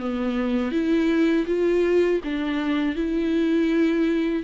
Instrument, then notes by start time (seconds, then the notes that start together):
viola
0.00 B3
0.72 E4
1.47 F4
2.24 D4
2.96 E4